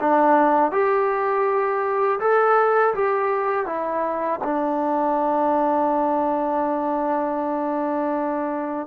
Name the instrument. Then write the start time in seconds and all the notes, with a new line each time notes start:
trombone
0.00 D4
0.71 G4
2.20 A4
2.94 G4
3.66 E4
4.43 D4